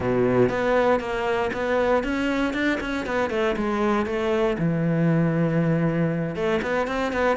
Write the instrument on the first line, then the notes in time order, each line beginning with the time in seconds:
cello
0.00 B2
0.49 B3
1.00 A#3
1.53 B3
2.03 C#4
2.53 D4
2.80 C#4
3.06 B3
3.30 A3
3.56 G#3
4.06 A3
4.58 E3
6.35 A3
6.61 B3
6.87 C4
7.12 B3